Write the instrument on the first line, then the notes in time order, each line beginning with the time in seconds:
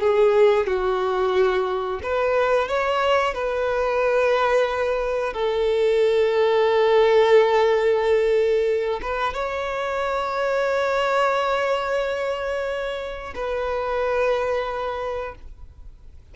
violin
0.00 G#4
0.66 F#4
2.03 B4
2.68 C#5
3.34 B4
5.33 A4
9.02 B4
9.34 C#5
13.35 B4